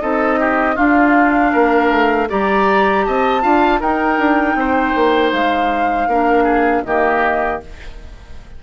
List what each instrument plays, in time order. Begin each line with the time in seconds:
0.00 bassoon C4, clarinet D#4, oboe A4, flute D#5
0.39 oboe G4
0.75 clarinet D4, bassoon D4, oboe F4, flute F5
1.52 bassoon A#3, oboe A#4
1.90 bassoon A3
2.28 bassoon G3, clarinet G4, oboe D5, flute A#5
3.04 bassoon C4, oboe D#5, flute A5
3.41 bassoon D4, clarinet F4, oboe F5
3.80 bassoon D#4, clarinet D#4, oboe A#4, flute G5
4.18 bassoon D4
4.54 bassoon C4, oboe C5
4.95 bassoon A#3
5.32 bassoon G#3, flute F5
6.07 bassoon A#3, clarinet D4, oboe A#4
6.43 oboe G#4
6.84 bassoon D#3, clarinet A#3, oboe G4, flute D#5